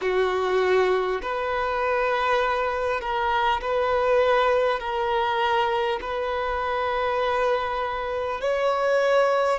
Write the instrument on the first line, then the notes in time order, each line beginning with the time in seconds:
violin
0.01 F#4
1.22 B4
3.00 A#4
3.61 B4
4.79 A#4
6.01 B4
8.40 C#5